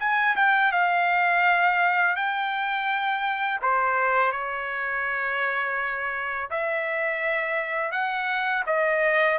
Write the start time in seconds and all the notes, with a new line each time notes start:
0.00 G#5
0.36 G5
0.72 F5
2.16 G5
3.62 C5
4.32 C#5
6.51 E5
7.92 F#5
8.67 D#5